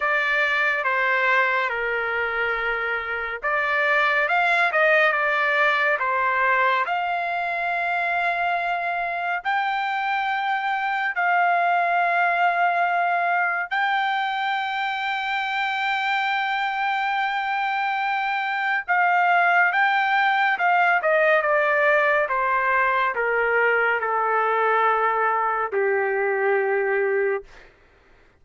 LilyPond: \new Staff \with { instrumentName = "trumpet" } { \time 4/4 \tempo 4 = 70 d''4 c''4 ais'2 | d''4 f''8 dis''8 d''4 c''4 | f''2. g''4~ | g''4 f''2. |
g''1~ | g''2 f''4 g''4 | f''8 dis''8 d''4 c''4 ais'4 | a'2 g'2 | }